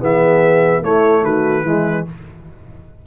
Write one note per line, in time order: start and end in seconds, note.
0.00 0.82 E3
0.00 0.82 B3
0.00 0.83 G#4
0.00 0.84 E5
0.83 1.23 A3
0.83 1.65 A3
0.83 1.24 E4
0.83 1.24 C#5
1.23 1.63 D#3
1.23 1.65 F#4
1.23 2.07 B4
1.63 2.04 E3
1.63 2.06 G#3
1.63 2.06 E4